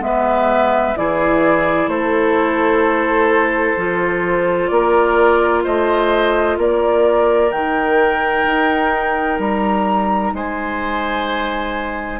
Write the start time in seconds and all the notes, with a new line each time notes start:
0.00 G#3 B3 B4 E5
0.96 E3 E4 G#4 D5
1.88 A3 A4 C5
3.77 F3 F4
4.68 A#3 A#4 D5
5.63 A3 C5 D#5
6.58 A#3 A#4 D5
7.50 D#3 D#4 G5
8.46 D#4
9.39 G3 A#5
10.34 G#3 C5 G#5